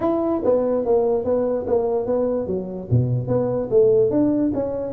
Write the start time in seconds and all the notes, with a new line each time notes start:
0.00 E4
0.44 B3
0.85 A#3
1.24 B3
1.66 A#3
2.06 B3
2.46 F#3
2.90 B2
3.27 B3
3.70 A3
4.10 D4
4.54 C#4